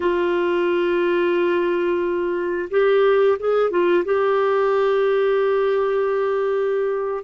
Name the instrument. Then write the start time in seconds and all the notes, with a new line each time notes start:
clarinet
0.00 F4
2.70 G4
3.39 G#4
3.70 F4
4.04 G4